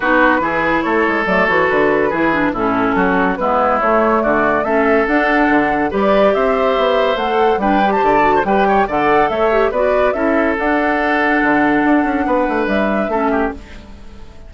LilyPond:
<<
  \new Staff \with { instrumentName = "flute" } { \time 4/4 \tempo 4 = 142 b'2 cis''4 d''8 cis''8 | b'2 a'2 | b'4 cis''4 d''4 e''4 | fis''2 d''4 e''4~ |
e''4 fis''4 g''8. a''4~ a''16 | g''4 fis''4 e''4 d''4 | e''4 fis''2.~ | fis''2 e''2 | }
  \new Staff \with { instrumentName = "oboe" } { \time 4/4 fis'4 gis'4 a'2~ | a'4 gis'4 e'4 fis'4 | e'2 fis'4 a'4~ | a'2 b'4 c''4~ |
c''2 b'8. c''16 d''8. c''16 | b'8 cis''8 d''4 cis''4 b'4 | a'1~ | a'4 b'2 a'8 g'8 | }
  \new Staff \with { instrumentName = "clarinet" } { \time 4/4 dis'4 e'2 a8 fis'8~ | fis'4 e'8 d'8 cis'2 | b4 a2 cis'4 | d'2 g'2~ |
g'4 a'4 d'8 g'4 fis'8 | g'4 a'4. g'8 fis'4 | e'4 d'2.~ | d'2. cis'4 | }
  \new Staff \with { instrumentName = "bassoon" } { \time 4/4 b4 e4 a8 gis8 fis8 e8 | d4 e4 a,4 fis4 | gis4 a4 d4 a4 | d'4 d4 g4 c'4 |
b4 a4 g4 d4 | g4 d4 a4 b4 | cis'4 d'2 d4 | d'8 cis'8 b8 a8 g4 a4 | }
>>